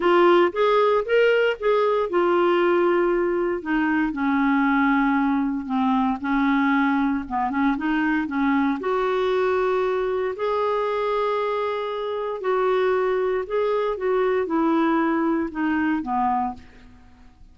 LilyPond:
\new Staff \with { instrumentName = "clarinet" } { \time 4/4 \tempo 4 = 116 f'4 gis'4 ais'4 gis'4 | f'2. dis'4 | cis'2. c'4 | cis'2 b8 cis'8 dis'4 |
cis'4 fis'2. | gis'1 | fis'2 gis'4 fis'4 | e'2 dis'4 b4 | }